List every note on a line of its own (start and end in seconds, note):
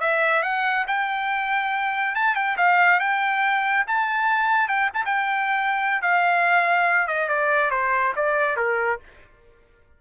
0.00 0.42 E5
0.42 0.85 F#5
0.87 2.14 G5
2.14 2.35 A5
2.35 2.56 G5
2.57 2.99 F5
2.99 3.85 G5
3.86 4.68 A5
4.68 4.89 G5
4.93 5.04 A5
5.05 6.01 G5
6.01 7.07 F5
7.07 7.28 D#5
7.28 7.70 D5
7.70 8.13 C5
8.15 8.56 D5
8.56 8.99 A#4